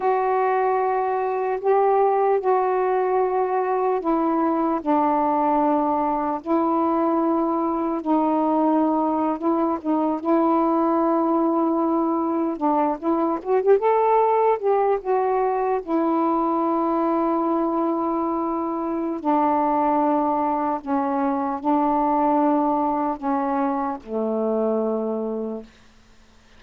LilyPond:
\new Staff \with { instrumentName = "saxophone" } { \time 4/4 \tempo 4 = 75 fis'2 g'4 fis'4~ | fis'4 e'4 d'2 | e'2 dis'4.~ dis'16 e'16~ | e'16 dis'8 e'2. d'16~ |
d'16 e'8 fis'16 g'16 a'4 g'8 fis'4 e'16~ | e'1 | d'2 cis'4 d'4~ | d'4 cis'4 a2 | }